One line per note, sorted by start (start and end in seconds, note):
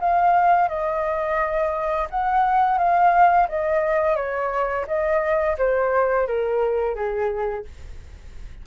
0.00 0.68 F5
0.68 2.08 D#5
2.10 2.78 F#5
2.78 3.48 F5
3.48 4.16 D#5
4.16 4.86 C#5
4.87 5.57 D#5
5.58 6.27 C5
6.27 6.95 A#4
6.95 7.65 G#4